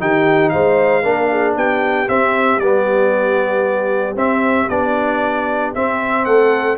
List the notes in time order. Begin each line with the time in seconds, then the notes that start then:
0.00 D#3 D#4 G4 G5
0.50 G#3 C5 F5
1.03 A#3 D4 A#4
1.31 G#4
1.56 B3 G4 G5
2.09 C4 E5
2.57 G3 B3 D5
4.16 C4 E5
4.69 B3 D4 D5
5.75 C4 E5
6.25 A3 A4 F#5